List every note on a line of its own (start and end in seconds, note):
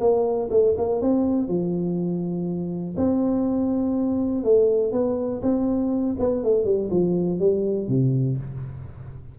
0.00 0.49 A#3
0.50 0.75 A3
0.77 1.01 A#3
1.01 1.48 C4
1.48 2.95 F3
2.97 4.44 C4
4.44 4.92 A3
4.92 5.41 B3
5.42 6.16 C4
6.19 6.43 B3
6.43 6.65 A3
6.65 6.89 G3
6.90 7.39 F3
7.39 7.88 G3
7.88 8.37 C3